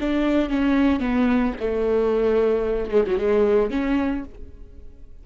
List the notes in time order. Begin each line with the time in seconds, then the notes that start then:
0.00 D4
0.49 C#4
0.99 B3
1.59 A3
2.91 G#3
3.06 F#3
3.18 G#3
3.70 C#4